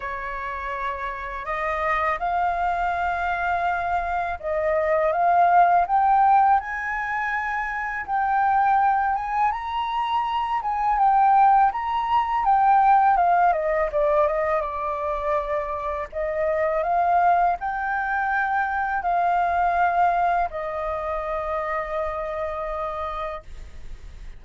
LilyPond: \new Staff \with { instrumentName = "flute" } { \time 4/4 \tempo 4 = 82 cis''2 dis''4 f''4~ | f''2 dis''4 f''4 | g''4 gis''2 g''4~ | g''8 gis''8 ais''4. gis''8 g''4 |
ais''4 g''4 f''8 dis''8 d''8 dis''8 | d''2 dis''4 f''4 | g''2 f''2 | dis''1 | }